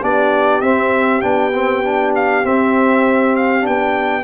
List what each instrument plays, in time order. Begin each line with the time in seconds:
0.00 tuba B3, trombone D4, horn G4, trumpet D5
0.61 tuba C4, trombone C4, trumpet E5
1.21 tuba B3, trombone D4, trumpet G5
1.53 trombone C4
1.83 trombone D4
2.15 trumpet F5
2.44 trombone C4, tuba C4, trumpet E5
3.35 trumpet F5
3.61 tuba B3, trombone D4, trumpet G5